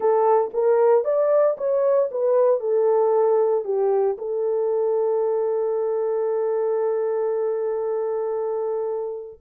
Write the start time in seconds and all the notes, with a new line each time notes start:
0.00 A4
0.53 A#4
1.04 D5
1.57 C#5
2.11 B4
2.59 A4
3.64 G4
4.18 A4